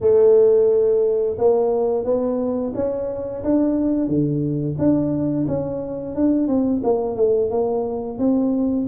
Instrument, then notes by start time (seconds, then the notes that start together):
tuba
0.01 A3
1.38 A#3
2.04 B3
2.75 C#4
3.43 D4
4.08 D3
4.78 D4
5.47 C#4
6.15 D4
6.47 C4
6.83 A#3
7.16 A3
7.50 A#3
8.18 C4